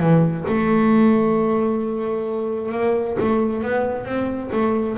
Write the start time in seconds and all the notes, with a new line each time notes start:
0.00 E3
0.48 A3
2.72 A#3
3.20 A3
3.63 B3
4.05 C4
4.52 A3